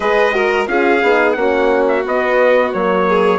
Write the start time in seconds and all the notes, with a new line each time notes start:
0.00 G#3 G#4 B4 D#5
0.32 F#4 A#4
0.67 C#4 F4 G#4 F5
1.02 B3 D#4
1.33 A#3 C#4 F#5
1.39 F#4
1.88 E5
2.04 B3 D#5
2.72 F#3 A#3 C#5
3.08 G#4